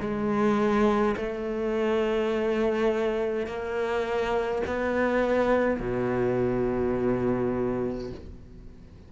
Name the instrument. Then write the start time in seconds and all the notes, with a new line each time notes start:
cello
0.00 G#3
1.16 A3
3.47 A#3
4.67 B3
5.80 B2